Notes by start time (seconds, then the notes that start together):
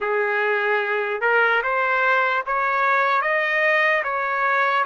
0.00 G#4
1.21 A#4
1.63 C5
2.46 C#5
3.21 D#5
4.03 C#5